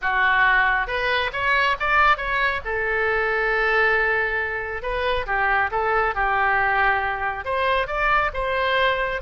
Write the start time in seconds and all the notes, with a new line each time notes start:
0.01 F#4
0.87 B4
1.32 C#5
1.79 D5
2.17 C#5
2.64 A4
4.82 B4
5.26 G4
5.71 A4
6.14 G4
7.44 C5
7.87 D5
8.33 C5